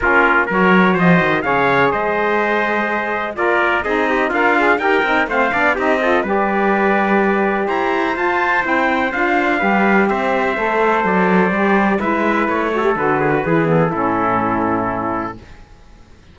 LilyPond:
<<
  \new Staff \with { instrumentName = "trumpet" } { \time 4/4 \tempo 4 = 125 ais'4 cis''4 dis''4 f''4 | dis''2. d''4 | dis''4 f''4 g''4 f''4 | dis''4 d''2. |
ais''4 a''4 g''4 f''4~ | f''4 e''2 d''4~ | d''4 e''4 cis''4 b'4~ | b'8 a'2.~ a'8 | }
  \new Staff \with { instrumentName = "trumpet" } { \time 4/4 f'4 ais'4 c''4 cis''4 | c''2. ais'4 | gis'8 g'8 f'4 ais'4 c''8 d''8 | g'8 a'8 b'2. |
c''1 | b'4 c''2.~ | c''4 b'4. a'4 gis'16 fis'16 | gis'4 e'2. | }
  \new Staff \with { instrumentName = "saxophone" } { \time 4/4 cis'4 fis'2 gis'4~ | gis'2. f'4 | dis'4 ais'8 gis'8 g'8 dis'8 c'8 d'8 | dis'8 f'8 g'2.~ |
g'4 f'4 e'4 f'4 | g'2 a'2 | g'4 e'4. fis'16 g'16 fis'4 | e'8 b8 cis'2. | }
  \new Staff \with { instrumentName = "cello" } { \time 4/4 ais4 fis4 f8 dis8 cis4 | gis2. ais4 | c'4 d'4 dis'8 c'8 a8 b8 | c'4 g2. |
e'4 f'4 c'4 d'4 | g4 c'4 a4 fis4 | g4 gis4 a4 d4 | e4 a,2. | }
>>